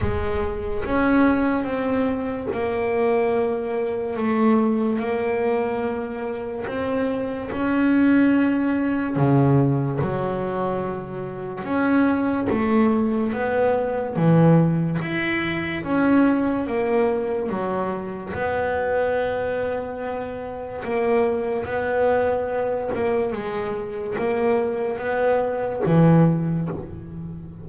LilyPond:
\new Staff \with { instrumentName = "double bass" } { \time 4/4 \tempo 4 = 72 gis4 cis'4 c'4 ais4~ | ais4 a4 ais2 | c'4 cis'2 cis4 | fis2 cis'4 a4 |
b4 e4 e'4 cis'4 | ais4 fis4 b2~ | b4 ais4 b4. ais8 | gis4 ais4 b4 e4 | }